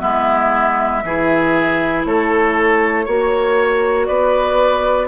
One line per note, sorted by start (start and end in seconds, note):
0.00 1.04 G#3
0.00 1.02 B3
0.00 1.04 E4
0.00 2.03 E5
1.04 2.06 E3
1.04 3.06 E4
1.04 2.07 G#4
2.05 3.07 A3
2.05 3.06 A4
2.05 4.06 C#5
3.06 4.09 A#3
3.06 5.08 F#4
3.06 4.07 C#5
4.06 5.08 B3
4.06 5.08 B4
4.06 5.08 D5